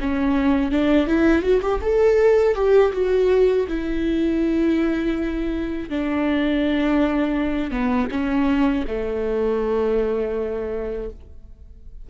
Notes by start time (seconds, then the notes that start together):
0.00 C#4
0.71 D4
1.07 E4
1.42 F#4
1.61 G4
1.81 A4
2.55 G4
2.93 F#4
3.68 E4
5.89 D4
7.70 B3
8.10 C#4
8.87 A3